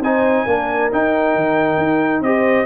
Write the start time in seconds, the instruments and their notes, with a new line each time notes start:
0.00 tuba C4, trombone D#4, horn C5, trumpet G#5
0.46 tuba A#3, trombone D4, horn A#4
0.92 trombone D#4, tuba D#4, trumpet G5
1.36 tuba D#3
1.78 tuba D#4
2.21 tuba C4, trombone G4, horn C5, trumpet D#5